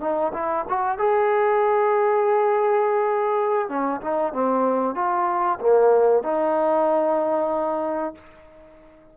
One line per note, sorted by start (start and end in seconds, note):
0.00 0.32 D#4
0.33 0.65 E4
0.69 0.98 F#4
0.98 3.68 G#4
3.68 4.00 C#4
4.01 4.33 D#4
4.33 4.95 C4
4.95 5.59 F4
5.60 6.23 A#3
6.23 8.14 D#4